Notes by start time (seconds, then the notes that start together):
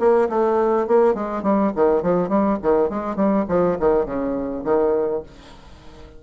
0.00 A#3
0.30 A3
0.88 A#3
1.15 G#3
1.44 G3
1.76 D#3
2.03 F3
2.29 G3
2.63 D#3
2.90 G#3
3.16 G3
3.49 F3
3.80 D#3
4.06 C#3
4.65 D#3